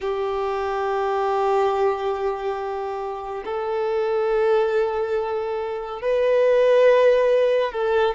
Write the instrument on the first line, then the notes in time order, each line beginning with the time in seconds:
violin
0.00 G4
3.44 A4
6.01 B4
7.71 A4